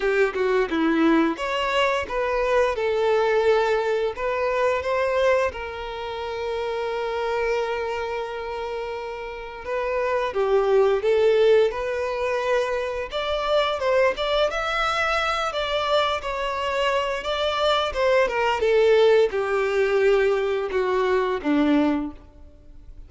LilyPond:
\new Staff \with { instrumentName = "violin" } { \time 4/4 \tempo 4 = 87 g'8 fis'8 e'4 cis''4 b'4 | a'2 b'4 c''4 | ais'1~ | ais'2 b'4 g'4 |
a'4 b'2 d''4 | c''8 d''8 e''4. d''4 cis''8~ | cis''4 d''4 c''8 ais'8 a'4 | g'2 fis'4 d'4 | }